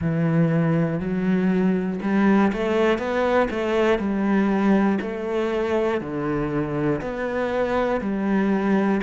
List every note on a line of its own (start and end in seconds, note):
0.00 1.00 E3
1.00 2.00 F#3
2.01 2.51 G3
2.52 2.98 A3
2.98 3.48 B3
3.50 3.99 A3
3.99 4.99 G3
5.00 6.00 A3
6.00 7.00 D3
7.01 8.00 B3
8.00 9.00 G3